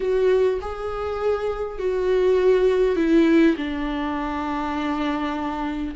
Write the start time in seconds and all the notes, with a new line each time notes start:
0.00 F#4
0.61 G#4
1.78 F#4
2.96 E4
3.56 D4